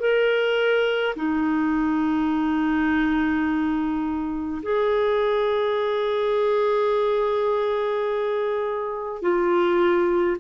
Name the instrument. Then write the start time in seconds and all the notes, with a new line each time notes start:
clarinet
0.00 A#4
1.16 D#4
4.63 G#4
9.22 F4